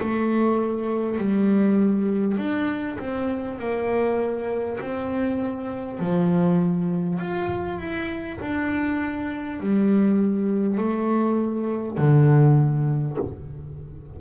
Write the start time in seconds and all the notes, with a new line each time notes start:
0.00 A3
1.18 G3
2.38 D4
2.98 C4
3.59 A#3
4.81 C4
5.99 F3
7.19 F4
7.79 E4
8.40 D4
9.60 G3
10.78 A3
11.98 D3